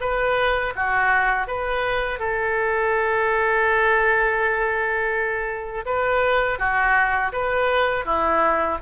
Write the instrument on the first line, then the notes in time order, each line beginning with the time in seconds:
oboe
0.00 B4
0.75 F#4
1.47 B4
2.19 A4
5.85 B4
6.58 F#4
7.32 B4
8.05 E4